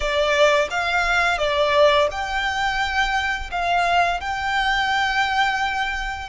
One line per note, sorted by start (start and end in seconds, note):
0.00 0.68 D5
0.70 1.38 F5
1.38 2.07 D5
2.11 3.50 G5
3.51 4.20 F5
4.20 6.29 G5